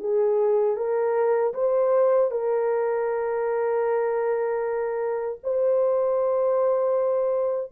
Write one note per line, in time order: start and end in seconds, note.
0.00 0.77 G#4
0.77 1.54 A#4
1.55 2.31 C5
2.31 5.39 A#4
5.44 7.72 C5